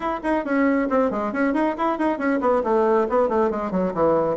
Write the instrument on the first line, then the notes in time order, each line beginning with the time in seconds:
bassoon
0.00 E4
0.23 D#4
0.44 C#4
0.89 C4
1.10 G#3
1.32 C#4
1.53 D#4
1.77 E4
1.98 D#4
2.18 C#4
2.40 B3
2.63 A3
3.09 B3
3.28 A3
3.50 G#3
3.71 F#3
3.94 E3